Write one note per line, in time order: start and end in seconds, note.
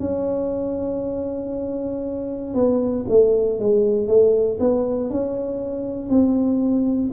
0.00 2.54 C#4
2.54 3.05 B3
3.08 3.59 A3
3.59 4.08 G#3
4.08 4.59 A3
4.60 5.10 B3
5.10 6.09 C#4
6.09 7.11 C4